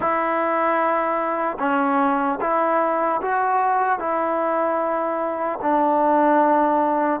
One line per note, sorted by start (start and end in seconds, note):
0.00 1.57 E4
1.59 2.39 C#4
2.40 3.20 E4
3.21 3.99 F#4
3.99 5.59 E4
5.61 7.20 D4